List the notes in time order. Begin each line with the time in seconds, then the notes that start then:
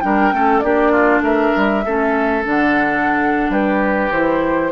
0.00 G3 D4 A#4 G5
0.32 A3 C#4 A4
0.59 A#3 D4 G4 D5
0.92 F4
1.20 A3 A#4 E5
1.56 G3
1.85 A3 C#4 A4
2.43 D3 D4 F#5
3.49 G3 G4 B4
4.10 E3 E4 C5